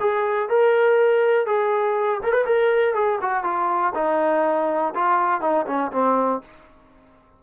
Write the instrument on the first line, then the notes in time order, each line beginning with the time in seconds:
trombone
0.00 G#4
0.49 A#4
1.46 G#4
2.23 A#4
2.32 B4
2.45 A#4
2.94 G#4
3.21 F#4
3.43 F4
3.94 D#4
4.95 F4
5.41 D#4
5.66 C#4
5.92 C4